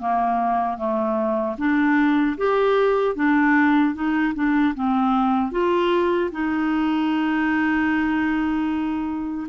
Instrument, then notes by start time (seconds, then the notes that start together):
clarinet
0.00 A#3
0.78 A3
1.58 D4
2.38 G4
3.16 D4
3.95 D#4
4.35 D4
4.75 C4
5.52 F4
6.32 D#4